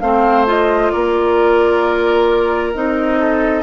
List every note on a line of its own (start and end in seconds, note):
0.00 0.91 A3
0.00 0.47 C4
0.00 0.92 C5
0.00 0.45 F5
0.47 2.74 F4
0.47 0.91 D#5
0.91 2.75 A#3
0.91 3.20 A#4
0.91 2.73 D5
2.74 3.63 C4
2.74 3.63 D#4
2.74 3.63 D#5
3.20 3.63 A4